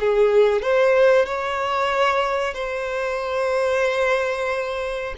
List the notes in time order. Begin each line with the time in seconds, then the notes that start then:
0.00 G#4
0.62 C5
1.25 C#5
2.54 C5